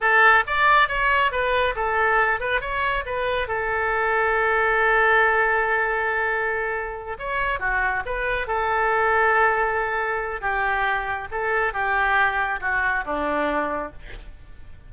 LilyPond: \new Staff \with { instrumentName = "oboe" } { \time 4/4 \tempo 4 = 138 a'4 d''4 cis''4 b'4 | a'4. b'8 cis''4 b'4 | a'1~ | a'1~ |
a'8 cis''4 fis'4 b'4 a'8~ | a'1 | g'2 a'4 g'4~ | g'4 fis'4 d'2 | }